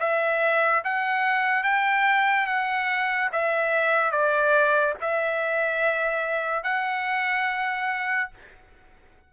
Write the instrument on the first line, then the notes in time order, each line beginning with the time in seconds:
trumpet
0.00 E5
0.85 F#5
1.64 G5
2.47 F#5
3.33 E5
4.12 D5
5.02 E5
6.64 F#5